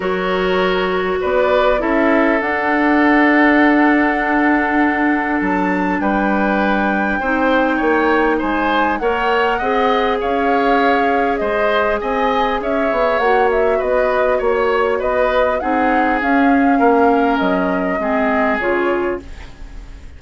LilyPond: <<
  \new Staff \with { instrumentName = "flute" } { \time 4/4 \tempo 4 = 100 cis''2 d''4 e''4 | fis''1~ | fis''4 a''4 g''2~ | g''2 gis''4 fis''4~ |
fis''4 f''2 dis''4 | gis''4 e''4 fis''8 e''8 dis''4 | cis''4 dis''4 fis''4 f''4~ | f''4 dis''2 cis''4 | }
  \new Staff \with { instrumentName = "oboe" } { \time 4/4 ais'2 b'4 a'4~ | a'1~ | a'2 b'2 | c''4 cis''4 c''4 cis''4 |
dis''4 cis''2 c''4 | dis''4 cis''2 b'4 | cis''4 b'4 gis'2 | ais'2 gis'2 | }
  \new Staff \with { instrumentName = "clarinet" } { \time 4/4 fis'2. e'4 | d'1~ | d'1 | dis'2. ais'4 |
gis'1~ | gis'2 fis'2~ | fis'2 dis'4 cis'4~ | cis'2 c'4 f'4 | }
  \new Staff \with { instrumentName = "bassoon" } { \time 4/4 fis2 b4 cis'4 | d'1~ | d'4 fis4 g2 | c'4 ais4 gis4 ais4 |
c'4 cis'2 gis4 | c'4 cis'8 b8 ais4 b4 | ais4 b4 c'4 cis'4 | ais4 fis4 gis4 cis4 | }
>>